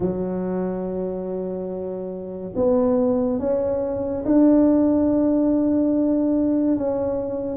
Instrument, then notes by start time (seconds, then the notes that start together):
tuba
0.00 F#3
2.55 B3
3.39 C#4
4.25 D4
6.76 C#4